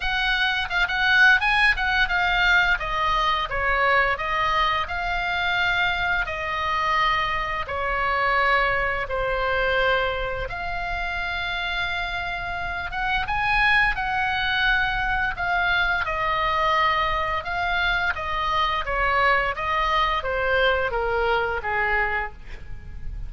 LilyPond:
\new Staff \with { instrumentName = "oboe" } { \time 4/4 \tempo 4 = 86 fis''4 f''16 fis''8. gis''8 fis''8 f''4 | dis''4 cis''4 dis''4 f''4~ | f''4 dis''2 cis''4~ | cis''4 c''2 f''4~ |
f''2~ f''8 fis''8 gis''4 | fis''2 f''4 dis''4~ | dis''4 f''4 dis''4 cis''4 | dis''4 c''4 ais'4 gis'4 | }